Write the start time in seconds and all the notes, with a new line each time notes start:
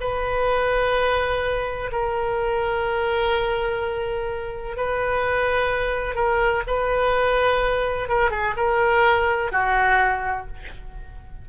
0.00 B4
1.92 A#4
4.77 B4
6.15 A#4
6.67 B4
8.09 A#4
8.30 G#4
8.56 A#4
9.52 F#4